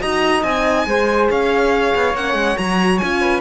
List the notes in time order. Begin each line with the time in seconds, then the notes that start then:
0.00 D#4 F#4 D#5 A#5
0.43 C4 D#4 G#5
0.86 G#3 G#4 C5
1.30 C#4 C#5 F5
1.95 B3
2.14 A#3 C#4 F#5
2.34 G#3
2.56 F#3 F#4 A#5
2.98 C#4 F4 G#5
3.21 B4